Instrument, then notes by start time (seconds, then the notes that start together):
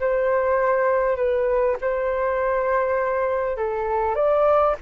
flute
0.00 C5
1.16 B4
1.81 C5
3.57 A4
4.15 D5